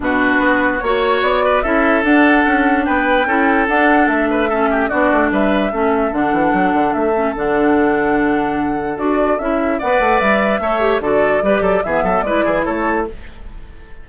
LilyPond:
<<
  \new Staff \with { instrumentName = "flute" } { \time 4/4 \tempo 4 = 147 b'2 cis''4 d''4 | e''4 fis''2 g''4~ | g''4 fis''4 e''2 | d''4 e''2 fis''4~ |
fis''4 e''4 fis''2~ | fis''2 d''4 e''4 | fis''4 e''2 d''4~ | d''4 e''4 d''4 cis''4 | }
  \new Staff \with { instrumentName = "oboe" } { \time 4/4 fis'2 cis''4. b'8 | a'2. b'4 | a'2~ a'8 b'8 a'8 g'8 | fis'4 b'4 a'2~ |
a'1~ | a'1 | d''2 cis''4 a'4 | b'8 a'8 gis'8 a'8 b'8 gis'8 a'4 | }
  \new Staff \with { instrumentName = "clarinet" } { \time 4/4 d'2 fis'2 | e'4 d'2. | e'4 d'2 cis'4 | d'2 cis'4 d'4~ |
d'4. cis'8 d'2~ | d'2 fis'4 e'4 | b'2 a'8 g'8 fis'4 | g'4 b4 e'2 | }
  \new Staff \with { instrumentName = "bassoon" } { \time 4/4 b,4 b4 ais4 b4 | cis'4 d'4 cis'4 b4 | cis'4 d'4 a2 | b8 a8 g4 a4 d8 e8 |
fis8 d8 a4 d2~ | d2 d'4 cis'4 | b8 a8 g4 a4 d4 | g8 fis8 e8 fis8 gis8 e8 a4 | }
>>